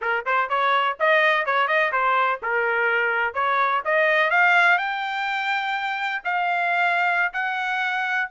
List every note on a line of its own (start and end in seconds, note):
0.01 0.25 A#4
0.25 0.49 C5
0.49 0.97 C#5
0.99 1.45 D#5
1.45 1.67 C#5
1.67 1.91 D#5
1.92 2.40 C5
2.42 3.34 A#4
3.34 3.82 C#5
3.84 4.30 D#5
4.30 4.78 F5
4.78 6.22 G5
6.24 7.32 F5
7.33 8.29 F#5